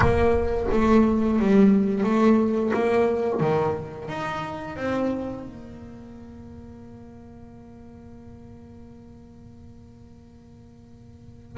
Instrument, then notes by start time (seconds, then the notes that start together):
double bass
0.00 A#3
0.71 A3
1.39 G3
2.03 A3
2.73 A#3
3.40 D#3
4.08 D#4
4.76 C4
5.44 A#3